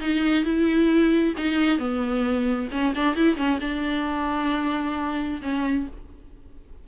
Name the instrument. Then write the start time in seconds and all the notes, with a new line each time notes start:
viola
0.00 D#4
0.44 E4
1.37 D#4
1.78 B3
2.71 C#4
2.95 D4
3.15 E4
3.36 C#4
3.60 D4
5.42 C#4